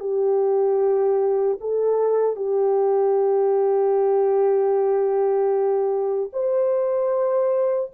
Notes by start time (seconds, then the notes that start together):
0.00 G4
1.60 A4
2.36 G4
6.33 C5